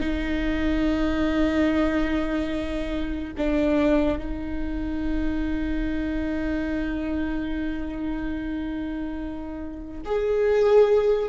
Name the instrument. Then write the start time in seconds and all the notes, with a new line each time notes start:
viola
0.00 D#4
3.37 D4
4.18 D#4
10.05 G#4